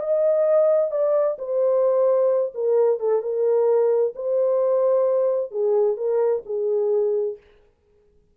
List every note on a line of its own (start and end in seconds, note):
0.00 0.91 D#5
0.91 1.37 D5
1.38 2.53 C5
2.54 3.00 A#4
3.00 3.22 A4
3.22 4.13 A#4
4.15 5.51 C5
5.51 5.97 G#4
5.97 6.43 A#4
6.46 7.37 G#4